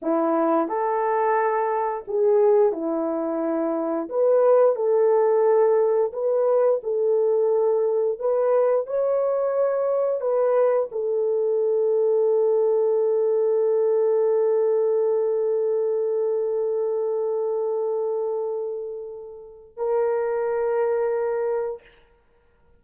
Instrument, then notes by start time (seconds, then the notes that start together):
horn
0.02 E4
0.68 A4
2.07 G#4
2.72 E4
4.09 B4
4.75 A4
6.12 B4
6.83 A4
8.19 B4
8.86 C#5
10.21 B4
10.91 A4
19.77 A#4